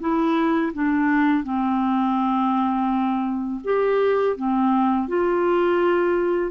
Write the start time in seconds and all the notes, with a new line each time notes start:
0.00 E4
0.73 D4
1.44 C4
3.64 G4
4.36 C4
5.08 F4